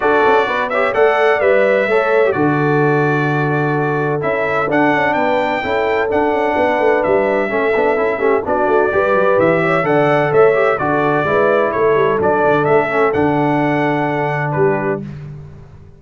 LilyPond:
<<
  \new Staff \with { instrumentName = "trumpet" } { \time 4/4 \tempo 4 = 128 d''4. e''8 fis''4 e''4~ | e''4 d''2.~ | d''4 e''4 fis''4 g''4~ | g''4 fis''2 e''4~ |
e''2 d''2 | e''4 fis''4 e''4 d''4~ | d''4 cis''4 d''4 e''4 | fis''2. b'4 | }
  \new Staff \with { instrumentName = "horn" } { \time 4/4 a'4 b'8 cis''8 d''2 | cis''4 a'2.~ | a'2. b'4 | a'2 b'2 |
a'4. g'8 fis'4 b'4~ | b'8 cis''8 d''4 cis''4 a'4 | b'4 a'2.~ | a'2. g'4 | }
  \new Staff \with { instrumentName = "trombone" } { \time 4/4 fis'4. g'8 a'4 b'4 | a'8. g'16 fis'2.~ | fis'4 e'4 d'2 | e'4 d'2. |
cis'8 d'8 e'8 cis'8 d'4 g'4~ | g'4 a'4. g'8 fis'4 | e'2 d'4. cis'8 | d'1 | }
  \new Staff \with { instrumentName = "tuba" } { \time 4/4 d'8 cis'8 b4 a4 g4 | a4 d2.~ | d4 cis'4 d'8 cis'8 b4 | cis'4 d'8 cis'8 b8 a8 g4 |
a8 b8 cis'8 a8 b8 a8 g8 fis8 | e4 d4 a4 d4 | gis4 a8 g8 fis8 d8 a4 | d2. g4 | }
>>